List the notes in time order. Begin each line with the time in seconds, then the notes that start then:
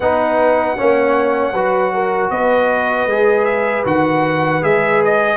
0.00 B3 D#4 B4 F#5
0.76 A#3 C#4 C#5
1.52 F#3 F#4 B4
1.93 A#4
2.30 B3 B4 D#5
3.06 G#3 G#4
3.44 E5
3.85 D#3 F#4 F#5
4.62 G#3 G#4 E5
5.04 D#5